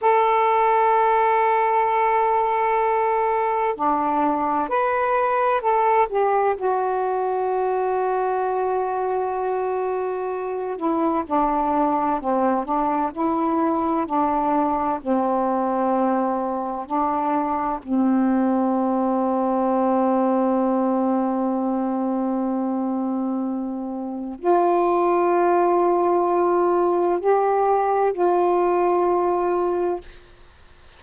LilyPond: \new Staff \with { instrumentName = "saxophone" } { \time 4/4 \tempo 4 = 64 a'1 | d'4 b'4 a'8 g'8 fis'4~ | fis'2.~ fis'8 e'8 | d'4 c'8 d'8 e'4 d'4 |
c'2 d'4 c'4~ | c'1~ | c'2 f'2~ | f'4 g'4 f'2 | }